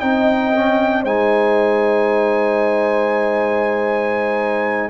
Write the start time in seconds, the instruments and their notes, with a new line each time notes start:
0.00 tuba C4, trombone D#4, horn D#5, trumpet G5
0.54 trombone C#4
1.03 tuba G#3, trombone D#4, horn C5, trumpet G#5